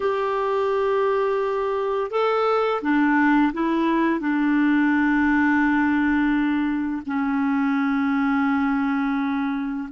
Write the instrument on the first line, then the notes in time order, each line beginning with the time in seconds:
clarinet
0.00 G4
2.10 A4
2.81 D4
3.53 E4
4.19 D4
7.06 C#4